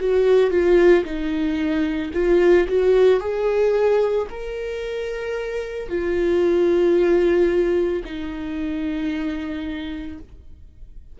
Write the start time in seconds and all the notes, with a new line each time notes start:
0.00 F#4
0.50 F4
1.04 D#4
2.13 F4
2.68 F#4
3.20 G#4
4.30 A#4
5.88 F4
8.04 D#4